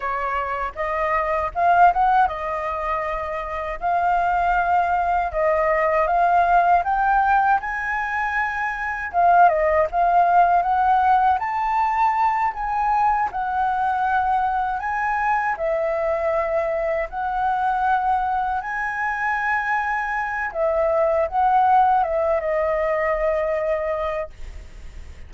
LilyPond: \new Staff \with { instrumentName = "flute" } { \time 4/4 \tempo 4 = 79 cis''4 dis''4 f''8 fis''8 dis''4~ | dis''4 f''2 dis''4 | f''4 g''4 gis''2 | f''8 dis''8 f''4 fis''4 a''4~ |
a''8 gis''4 fis''2 gis''8~ | gis''8 e''2 fis''4.~ | fis''8 gis''2~ gis''8 e''4 | fis''4 e''8 dis''2~ dis''8 | }